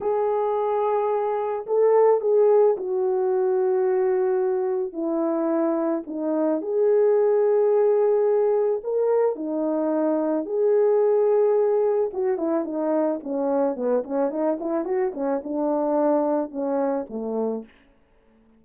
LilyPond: \new Staff \with { instrumentName = "horn" } { \time 4/4 \tempo 4 = 109 gis'2. a'4 | gis'4 fis'2.~ | fis'4 e'2 dis'4 | gis'1 |
ais'4 dis'2 gis'4~ | gis'2 fis'8 e'8 dis'4 | cis'4 b8 cis'8 dis'8 e'8 fis'8 cis'8 | d'2 cis'4 a4 | }